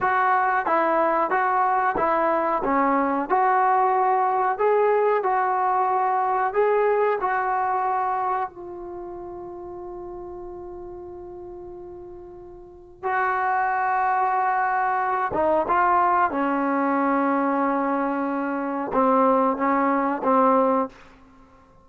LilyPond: \new Staff \with { instrumentName = "trombone" } { \time 4/4 \tempo 4 = 92 fis'4 e'4 fis'4 e'4 | cis'4 fis'2 gis'4 | fis'2 gis'4 fis'4~ | fis'4 f'2.~ |
f'1 | fis'2.~ fis'8 dis'8 | f'4 cis'2.~ | cis'4 c'4 cis'4 c'4 | }